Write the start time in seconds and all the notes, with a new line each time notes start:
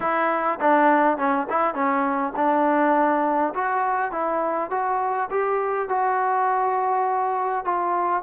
0.00 E4
0.60 D4
1.17 C#4
1.49 E4
1.74 C#4
2.36 D4
3.54 F#4
4.11 E4
4.70 F#4
5.30 G4
5.88 F#4
7.65 F4